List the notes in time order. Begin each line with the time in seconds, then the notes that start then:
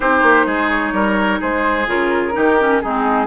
0.00 C4 D#4 G4 C5
0.22 A#3
0.46 G#3 G#4
0.70 C#5
0.92 G3 A#4
1.39 G#3 G#4 C5
1.87 C#3 F4 A#4
2.32 D#3 D#4 G4
2.59 C#4
2.80 G#3 C4 D#4 G#4